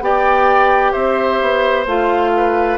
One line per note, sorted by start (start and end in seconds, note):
0.00 0.92 B3
0.00 1.86 G4
0.00 0.92 D5
0.00 0.92 G5
0.92 1.41 C4
0.92 2.30 C5
0.92 1.84 E5
1.41 1.86 B3
1.86 2.77 A3
1.86 2.77 F4
1.86 2.77 F5
2.36 2.77 B4